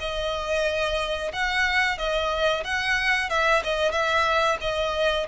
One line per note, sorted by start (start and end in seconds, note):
0.00 1.32 D#5
1.33 1.98 F#5
1.98 2.64 D#5
2.64 3.30 F#5
3.30 3.63 E5
3.64 3.92 D#5
3.92 4.58 E5
4.61 5.27 D#5